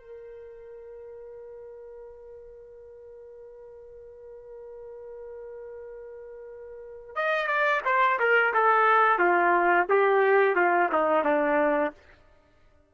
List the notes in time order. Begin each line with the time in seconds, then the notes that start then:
0.00 A#4
7.16 D#5
7.47 D5
7.85 C5
8.19 A#4
8.54 A4
9.19 F4
9.89 G4
10.56 F4
10.93 D#4
11.24 D4